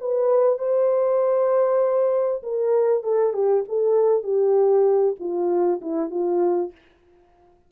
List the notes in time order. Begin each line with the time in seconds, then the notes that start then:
0.00 B4
0.58 C5
2.43 A#4
3.03 A4
3.33 G4
3.68 A4
4.23 G4
5.19 F4
5.81 E4
6.10 F4